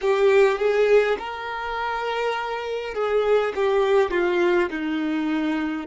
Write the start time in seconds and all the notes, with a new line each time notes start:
0.01 G4
0.58 G#4
1.18 A#4
2.94 G#4
3.55 G4
4.11 F4
4.70 D#4